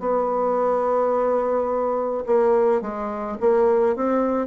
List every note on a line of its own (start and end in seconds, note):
0.00 2.24 B3
2.26 2.81 A#3
2.81 3.37 G#3
3.40 3.96 A#3
3.96 4.47 C4